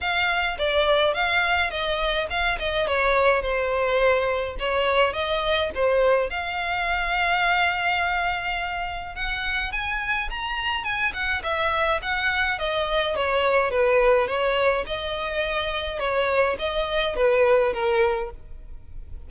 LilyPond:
\new Staff \with { instrumentName = "violin" } { \time 4/4 \tempo 4 = 105 f''4 d''4 f''4 dis''4 | f''8 dis''8 cis''4 c''2 | cis''4 dis''4 c''4 f''4~ | f''1 |
fis''4 gis''4 ais''4 gis''8 fis''8 | e''4 fis''4 dis''4 cis''4 | b'4 cis''4 dis''2 | cis''4 dis''4 b'4 ais'4 | }